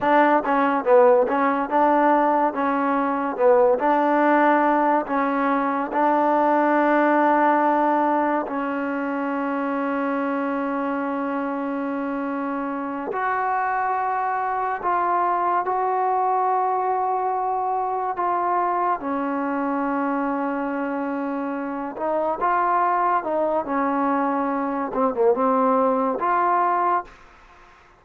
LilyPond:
\new Staff \with { instrumentName = "trombone" } { \time 4/4 \tempo 4 = 71 d'8 cis'8 b8 cis'8 d'4 cis'4 | b8 d'4. cis'4 d'4~ | d'2 cis'2~ | cis'2.~ cis'8 fis'8~ |
fis'4. f'4 fis'4.~ | fis'4. f'4 cis'4.~ | cis'2 dis'8 f'4 dis'8 | cis'4. c'16 ais16 c'4 f'4 | }